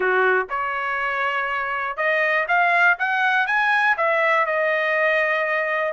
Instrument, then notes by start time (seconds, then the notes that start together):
trumpet
0.00 F#4
0.49 C#5
1.97 D#5
2.48 F5
2.99 F#5
3.46 G#5
3.97 E5
4.46 D#5